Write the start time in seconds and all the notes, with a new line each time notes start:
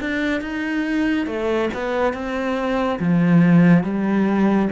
0.00 D4
0.41 D#4
1.27 A3
1.73 B3
2.13 C4
2.99 F3
3.83 G3